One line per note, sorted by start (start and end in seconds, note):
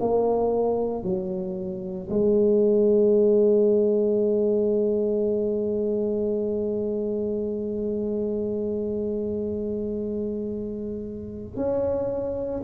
0.00 1.03 A#3
1.03 2.09 F#3
2.10 11.56 G#3
11.56 12.61 C#4